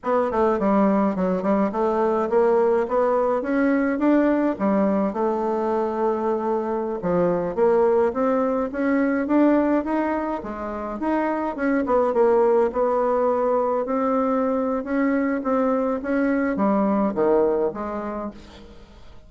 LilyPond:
\new Staff \with { instrumentName = "bassoon" } { \time 4/4 \tempo 4 = 105 b8 a8 g4 fis8 g8 a4 | ais4 b4 cis'4 d'4 | g4 a2.~ | a16 f4 ais4 c'4 cis'8.~ |
cis'16 d'4 dis'4 gis4 dis'8.~ | dis'16 cis'8 b8 ais4 b4.~ b16~ | b16 c'4.~ c'16 cis'4 c'4 | cis'4 g4 dis4 gis4 | }